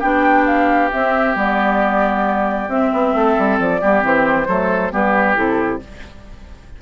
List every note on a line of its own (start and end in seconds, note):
0.00 0.92 B3
0.00 0.91 D4
0.00 3.11 G4
0.00 0.45 G5
0.46 0.91 F5
0.92 1.36 C4
0.92 1.37 E5
1.36 2.69 G3
1.36 2.69 B3
1.36 2.70 D5
2.69 2.91 C4
2.69 3.81 C4
2.69 3.59 E5
2.93 3.14 B3
3.14 3.37 A3
3.14 3.81 A4
3.38 3.60 G3
3.60 3.82 F3
3.60 4.05 D5
3.81 4.03 G3
3.81 4.02 B3
3.81 4.48 G4
4.02 4.47 E3
4.02 4.47 C4
4.02 4.94 C5
4.48 4.93 F#3
4.48 4.91 A3
4.48 4.93 A4
4.91 5.37 G3
4.91 5.35 B3
4.91 5.82 G4
4.91 5.37 B4
5.35 5.82 C3
5.35 5.80 E4
5.35 5.81 A4